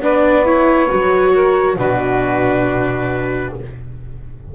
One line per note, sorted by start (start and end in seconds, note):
0.00 0.88 B3
0.00 0.45 D4
0.00 1.33 B4
0.00 0.46 D5
0.45 0.88 E4
0.45 1.78 C#5
0.88 1.76 F#3
0.88 1.76 F#4
1.33 1.77 A#4
1.76 3.53 B2
1.76 3.54 D4
1.76 3.54 F#4
1.76 3.55 B4